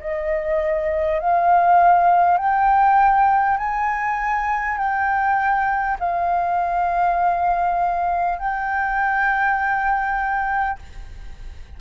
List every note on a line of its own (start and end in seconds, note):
0.00 1.19 D#5
1.19 2.38 F5
2.38 3.57 G5
3.57 4.77 G#5
4.78 5.98 G5
5.99 8.38 F5
8.38 10.78 G5